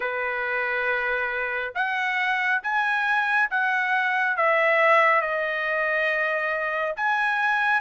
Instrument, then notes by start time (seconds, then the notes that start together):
trumpet
0.00 B4
1.74 F#5
2.62 G#5
3.50 F#5
4.37 E5
5.21 D#5
6.96 G#5